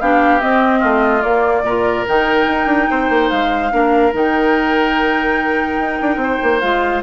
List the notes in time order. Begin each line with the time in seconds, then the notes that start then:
0.00 B3 D4 G4 F5
0.40 C4 D#5
0.79 A3 F4
1.21 A#3 D5
1.62 A#2 F4 A#4
2.07 D#3 D#4 G5
2.47 D#4
2.66 D4
2.90 C4 C5
3.09 A#3
3.29 G#3 F5
3.71 A#3 D4 A#4
4.13 D#3 D#4 G5
5.78 D#4
6.01 D4
6.16 C4
6.23 C5
6.42 A#3
6.60 G#3 F4 F5